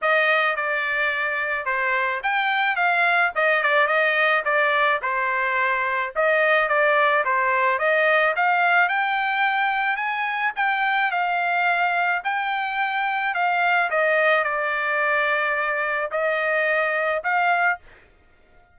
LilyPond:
\new Staff \with { instrumentName = "trumpet" } { \time 4/4 \tempo 4 = 108 dis''4 d''2 c''4 | g''4 f''4 dis''8 d''8 dis''4 | d''4 c''2 dis''4 | d''4 c''4 dis''4 f''4 |
g''2 gis''4 g''4 | f''2 g''2 | f''4 dis''4 d''2~ | d''4 dis''2 f''4 | }